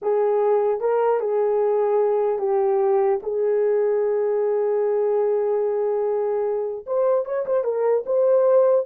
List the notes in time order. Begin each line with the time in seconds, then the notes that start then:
0.01 G#4
0.80 A#4
1.20 G#4
2.38 G4
3.22 G#4
6.86 C5
7.25 C#5
7.46 C5
7.64 A#4
8.05 C5